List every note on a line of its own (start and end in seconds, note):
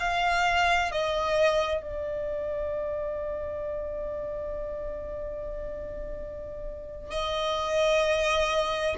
0.00 0.92 F5
0.92 1.83 D#5
1.83 7.11 D5
7.11 8.96 D#5